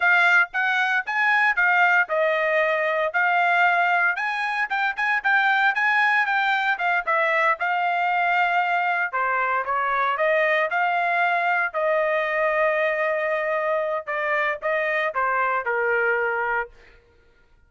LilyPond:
\new Staff \with { instrumentName = "trumpet" } { \time 4/4 \tempo 4 = 115 f''4 fis''4 gis''4 f''4 | dis''2 f''2 | gis''4 g''8 gis''8 g''4 gis''4 | g''4 f''8 e''4 f''4.~ |
f''4. c''4 cis''4 dis''8~ | dis''8 f''2 dis''4.~ | dis''2. d''4 | dis''4 c''4 ais'2 | }